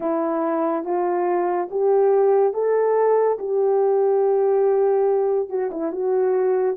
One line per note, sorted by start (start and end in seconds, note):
0.00 0.84 E4
0.84 1.68 F4
1.70 2.53 G4
2.53 3.38 A4
3.38 5.49 G4
5.49 5.70 F#4
5.71 5.92 E4
5.92 6.76 F#4